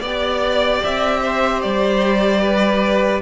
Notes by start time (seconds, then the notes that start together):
0.00 B3 G4 D5
0.84 C4 E5
1.22 C5
1.62 G3 D5
2.41 B4